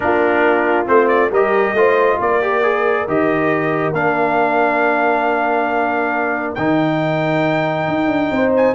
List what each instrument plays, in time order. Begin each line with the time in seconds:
0.00 tuba A#3, trombone D4, horn F4, trumpet A#4
0.86 tuba A3, trombone C4, trumpet C5
1.08 trumpet D5
1.30 tuba G3, trombone G4, horn A#4, trumpet D#5
1.73 tuba A3, trombone F4, horn C5
2.19 tuba A#3, horn A#4, trumpet D5
2.41 trombone G4
2.62 trombone G#4
3.07 tuba D#3, trombone G4, trumpet D#5
3.92 tuba A#3, trombone D4, trumpet F5
6.55 tuba D#3, trombone D#4, trumpet G5
7.87 tuba D#4
8.07 tuba D4
8.30 tuba C4, horn C5
8.56 trumpet G#5